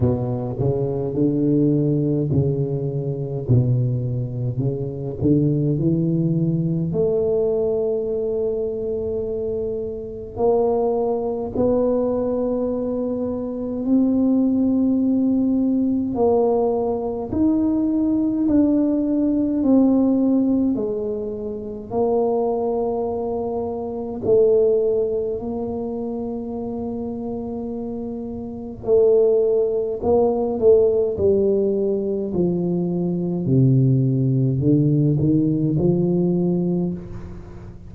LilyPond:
\new Staff \with { instrumentName = "tuba" } { \time 4/4 \tempo 4 = 52 b,8 cis8 d4 cis4 b,4 | cis8 d8 e4 a2~ | a4 ais4 b2 | c'2 ais4 dis'4 |
d'4 c'4 gis4 ais4~ | ais4 a4 ais2~ | ais4 a4 ais8 a8 g4 | f4 c4 d8 dis8 f4 | }